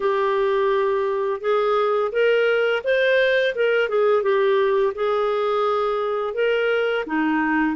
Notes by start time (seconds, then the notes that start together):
0.00 G4
1.41 G#4
2.11 A#4
2.84 C5
3.55 A#4
3.88 G#4
4.22 G4
4.94 G#4
6.34 A#4
7.06 D#4